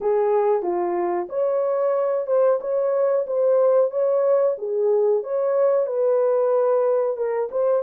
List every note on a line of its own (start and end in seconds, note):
0.01 0.62 G#4
0.62 1.27 F4
1.29 2.26 C#5
2.26 2.59 C5
2.60 3.25 C#5
3.26 3.90 C5
3.90 4.56 C#5
4.57 5.23 G#4
5.23 5.86 C#5
5.86 7.16 B4
7.16 7.49 A#4
7.51 7.83 C5